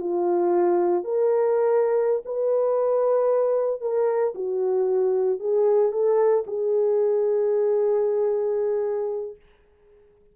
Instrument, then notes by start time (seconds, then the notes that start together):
horn
0.00 F4
1.04 A#4
2.25 B4
3.81 A#4
4.34 F#4
5.39 G#4
5.92 A4
6.46 G#4